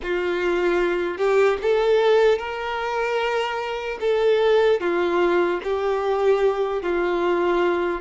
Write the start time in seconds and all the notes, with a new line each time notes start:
0.02 F4
1.17 G4
1.61 A4
2.38 A#4
4.00 A4
4.80 F4
5.63 G4
6.82 F4